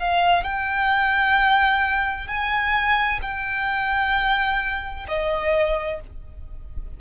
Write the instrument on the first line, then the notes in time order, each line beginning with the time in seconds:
violin
0.00 F5
0.44 G5
2.28 G#5
3.22 G5
5.09 D#5